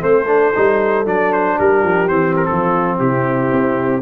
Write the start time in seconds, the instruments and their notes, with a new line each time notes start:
0.00 tuba A3, trombone C4, horn A4, trumpet C5
0.27 trombone D4
0.55 tuba G3, trombone D#4
1.05 tuba F#3, trombone D4, trumpet D5
1.33 trumpet C5
1.58 tuba G3, horn G4, trumpet A#4
1.84 tuba F3
2.09 tuba E3, trombone C4, trumpet C5
2.36 trumpet A#4
2.45 horn F4, trumpet A4
2.52 tuba F3
2.99 tuba C3, horn E4, trumpet G4
3.52 tuba C4